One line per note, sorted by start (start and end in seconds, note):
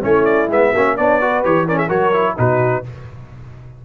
0.00 0.48 A3
0.00 0.47 C#4
0.00 0.72 E4
0.00 0.25 C#5
0.25 0.48 D5
0.48 0.71 G#3
0.48 0.74 B3
0.48 0.96 E5
0.72 0.97 A#3
0.72 0.97 C#4
0.72 0.95 F#4
0.96 1.44 B3
0.96 1.21 D4
0.96 1.20 C#5
0.96 1.43 D5
1.20 1.43 F#4
1.20 1.66 B4
1.43 1.89 E3
1.43 1.67 G4
1.43 1.67 C#5
1.66 1.88 C#4
1.66 1.75 A#4
1.66 1.78 D5
1.75 1.87 G#4
1.75 1.89 E5
1.88 2.36 F#3
1.88 2.12 F#4
1.88 2.34 A#4
1.88 2.36 C#5
2.13 2.36 E4
2.36 2.85 B2
2.36 2.83 D#4
2.36 2.84 F#4
2.36 2.85 B4